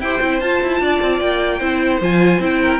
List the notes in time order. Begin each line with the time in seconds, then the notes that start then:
0.00 E4 G4 C5 G5
0.22 C4 E4
0.40 F4 A5
0.62 E4
0.80 D4 D5
1.01 C4
1.19 A#3 G5
1.59 C4 E4 C5
2.01 F3 F4 G#5
2.39 C4 E4 G5
2.62 A#4